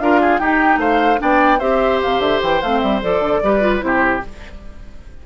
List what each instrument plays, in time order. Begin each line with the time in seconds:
0.00 bassoon D4, clarinet F4, oboe A#4, flute F5
0.21 oboe G#4
0.38 bassoon D#4, clarinet D#4, oboe G4, flute G5
0.77 bassoon A3, oboe C5, flute F5
1.18 bassoon B3, clarinet D4, oboe D5, flute G5
1.59 bassoon C4, clarinet G4, oboe C5, flute E5
2.02 bassoon C3, flute F5
2.19 bassoon D3, flute E5
2.42 bassoon E3, flute G5
2.62 bassoon A3, clarinet C4, flute F5
2.80 bassoon G3, flute E5
3.02 bassoon F3, clarinet A4, flute D5
3.20 bassoon D3
3.43 bassoon G3, clarinet G4, oboe B4
3.61 clarinet F4
3.80 bassoon C3, clarinet E4, flute C5
3.86 oboe G4